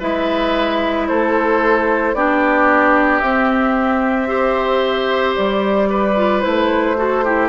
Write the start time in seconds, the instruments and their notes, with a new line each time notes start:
0.00 bassoon G#3, clarinet E4, oboe B4, flute E5
1.08 bassoon A3, oboe A4, flute C5
2.14 bassoon B3, clarinet D4, oboe G4, flute D5
3.20 bassoon C4, clarinet C4, flute E5
4.27 clarinet G4, oboe C5
5.36 bassoon G3, flute D5
5.90 oboe B4
6.16 clarinet F4
6.41 bassoon A3, clarinet E4, flute C5
6.97 clarinet F#4, oboe A4
7.25 clarinet E4, oboe G4